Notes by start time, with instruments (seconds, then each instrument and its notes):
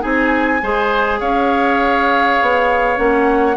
0.00 bassoon C4, clarinet D#4, oboe G#4, flute G#5
0.62 bassoon G#3, clarinet G#4, oboe C5
1.20 bassoon C#4, oboe C#5, flute F5
2.42 bassoon B3
2.97 bassoon A#3, clarinet C#4, flute F#5